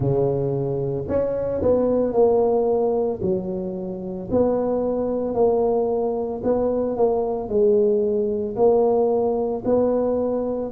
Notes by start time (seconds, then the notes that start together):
0.00 C#3
1.08 C#4
1.62 B3
2.12 A#3
3.21 F#3
4.31 B3
5.34 A#3
6.43 B3
6.96 A#3
7.48 G#3
8.56 A#3
9.64 B3